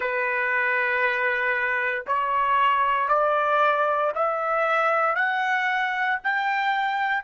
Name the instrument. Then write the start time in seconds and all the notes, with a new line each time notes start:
trumpet
0.00 B4
2.06 C#5
3.08 D5
4.15 E5
5.15 F#5
6.23 G5